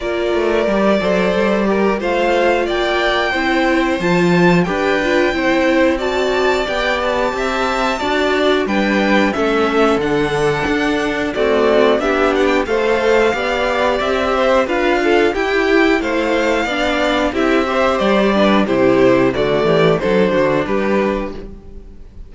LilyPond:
<<
  \new Staff \with { instrumentName = "violin" } { \time 4/4 \tempo 4 = 90 d''2. f''4 | g''2 a''4 g''4~ | g''4 a''4 g''8 a''4.~ | a''4 g''4 e''4 fis''4~ |
fis''4 d''4 e''8 fis''16 g''16 f''4~ | f''4 e''4 f''4 g''4 | f''2 e''4 d''4 | c''4 d''4 c''4 b'4 | }
  \new Staff \with { instrumentName = "violin" } { \time 4/4 ais'4. c''4 ais'8 c''4 | d''4 c''2 b'4 | c''4 d''2 e''4 | d''4 b'4 a'2~ |
a'4 fis'4 g'4 c''4 | d''4. c''8 b'8 a'8 g'4 | c''4 d''4 g'8 c''4 b'8 | g'4 fis'8 g'8 a'8 fis'8 g'4 | }
  \new Staff \with { instrumentName = "viola" } { \time 4/4 f'4 g'8 a'4 g'8 f'4~ | f'4 e'4 f'4 g'8 f'8 | e'4 fis'4 g'2 | fis'4 d'4 cis'4 d'4~ |
d'4 a4 d'4 a'4 | g'2 f'4 e'4~ | e'4 d'4 e'8 g'4 d'8 | e'4 a4 d'2 | }
  \new Staff \with { instrumentName = "cello" } { \time 4/4 ais8 a8 g8 fis8 g4 a4 | ais4 c'4 f4 d'4 | c'2 b4 c'4 | d'4 g4 a4 d4 |
d'4 c'4 b4 a4 | b4 c'4 d'4 e'4 | a4 b4 c'4 g4 | c4 d8 e8 fis8 d8 g4 | }
>>